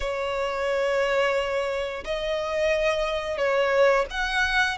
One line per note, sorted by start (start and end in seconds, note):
0.00 2.04 C#5
2.04 3.37 D#5
3.37 4.05 C#5
4.10 4.77 F#5